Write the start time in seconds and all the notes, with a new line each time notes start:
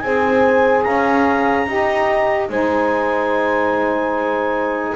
0.00 C4 G#4 C5 G#5
0.83 C#4 F5 A#5
1.66 D#4 G4 D#5
2.49 G#3 D#4 C5 G#5